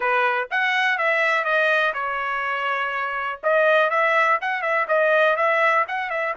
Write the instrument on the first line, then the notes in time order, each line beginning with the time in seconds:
trumpet
0.00 B4
0.50 F#5
0.98 E5
1.44 D#5
1.93 C#5
3.43 D#5
3.89 E5
4.41 F#5
4.62 E5
4.88 D#5
5.36 E5
5.88 F#5
6.10 E5